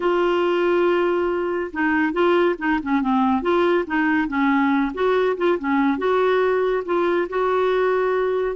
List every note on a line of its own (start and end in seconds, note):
0.00 1.71 F4
1.72 2.12 D#4
2.12 2.55 F4
2.58 2.80 D#4
2.82 3.01 C#4
3.01 3.42 C4
3.42 3.85 F4
3.86 4.27 D#4
4.27 4.92 C#4
4.94 5.36 F#4
5.37 5.58 F4
5.58 5.97 C#4
5.97 6.83 F#4
6.85 7.28 F4
7.29 8.55 F#4